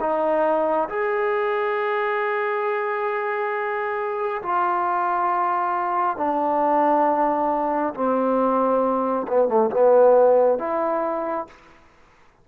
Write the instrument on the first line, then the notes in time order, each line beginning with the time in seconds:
trombone
0.00 D#4
0.89 G#4
4.42 F4
6.17 D4
7.94 C4
9.28 B3
9.48 A3
9.70 B3
10.58 E4